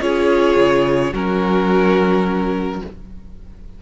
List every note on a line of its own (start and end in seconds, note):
0.00 0.56 C#4
0.00 1.12 F4
0.00 1.12 G#4
0.00 1.13 C#5
0.56 1.12 C#3
1.12 2.81 F#3
1.12 2.82 C#4
1.12 2.81 F#4
1.12 2.82 A#4